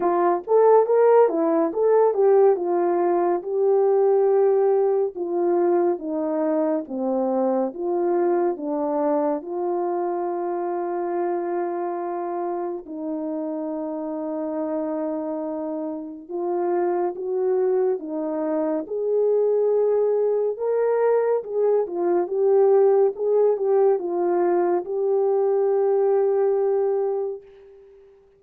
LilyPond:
\new Staff \with { instrumentName = "horn" } { \time 4/4 \tempo 4 = 70 f'8 a'8 ais'8 e'8 a'8 g'8 f'4 | g'2 f'4 dis'4 | c'4 f'4 d'4 f'4~ | f'2. dis'4~ |
dis'2. f'4 | fis'4 dis'4 gis'2 | ais'4 gis'8 f'8 g'4 gis'8 g'8 | f'4 g'2. | }